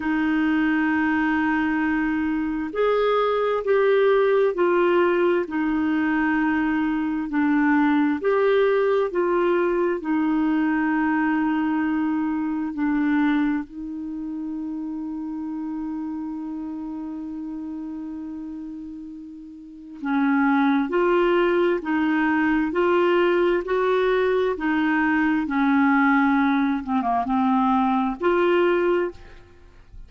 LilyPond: \new Staff \with { instrumentName = "clarinet" } { \time 4/4 \tempo 4 = 66 dis'2. gis'4 | g'4 f'4 dis'2 | d'4 g'4 f'4 dis'4~ | dis'2 d'4 dis'4~ |
dis'1~ | dis'2 cis'4 f'4 | dis'4 f'4 fis'4 dis'4 | cis'4. c'16 ais16 c'4 f'4 | }